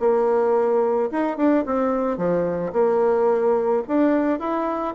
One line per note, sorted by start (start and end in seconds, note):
0.00 1.10 A#3
1.12 1.37 D#4
1.37 1.65 D4
1.66 2.17 C4
2.17 2.72 F3
2.73 3.83 A#3
3.88 4.40 D4
4.40 4.95 E4